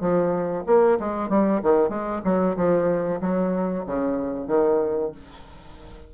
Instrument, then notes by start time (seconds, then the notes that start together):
bassoon
0.00 F3
0.66 A#3
1.00 G#3
1.29 G3
1.62 D#3
1.89 G#3
2.24 F#3
2.56 F3
3.20 F#3
3.86 C#3
4.47 D#3